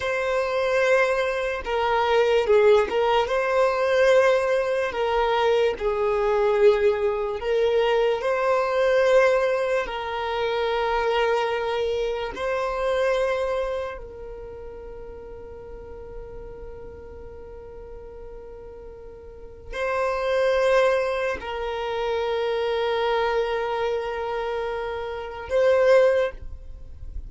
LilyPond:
\new Staff \with { instrumentName = "violin" } { \time 4/4 \tempo 4 = 73 c''2 ais'4 gis'8 ais'8 | c''2 ais'4 gis'4~ | gis'4 ais'4 c''2 | ais'2. c''4~ |
c''4 ais'2.~ | ais'1 | c''2 ais'2~ | ais'2. c''4 | }